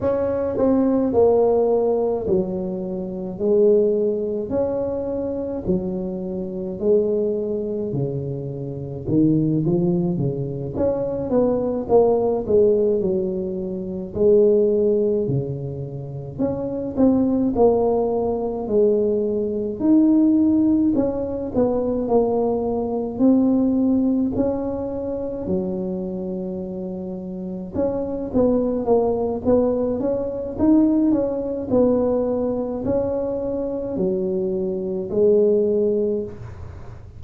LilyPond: \new Staff \with { instrumentName = "tuba" } { \time 4/4 \tempo 4 = 53 cis'8 c'8 ais4 fis4 gis4 | cis'4 fis4 gis4 cis4 | dis8 f8 cis8 cis'8 b8 ais8 gis8 fis8~ | fis8 gis4 cis4 cis'8 c'8 ais8~ |
ais8 gis4 dis'4 cis'8 b8 ais8~ | ais8 c'4 cis'4 fis4.~ | fis8 cis'8 b8 ais8 b8 cis'8 dis'8 cis'8 | b4 cis'4 fis4 gis4 | }